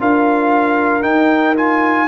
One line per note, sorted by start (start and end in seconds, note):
0.00 1.05 D4
0.00 1.03 F4
0.00 2.08 A#4
0.00 1.03 F5
1.03 1.55 D#4
1.03 2.08 D#4
1.03 1.55 G5
1.56 2.08 F4
1.56 2.08 G#5